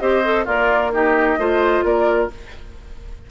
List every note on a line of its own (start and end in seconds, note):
0.00 0.47 C4
0.00 0.24 G4
0.00 0.45 C5
0.00 0.46 D#5
0.25 0.47 A4
0.45 1.38 A#3
0.45 0.91 F4
0.45 0.93 A#4
0.45 0.93 D5
0.93 1.39 D#4
0.93 1.40 G4
0.93 1.85 D#5
1.38 1.84 A3
1.38 2.31 F4
1.38 1.85 C5
1.84 2.30 A#3
1.84 2.31 A#4
1.84 2.31 D5